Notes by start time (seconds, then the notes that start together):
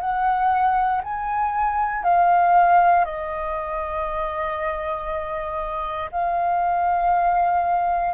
0.00 F#5
1.04 G#5
2.04 F5
3.05 D#5
6.12 F5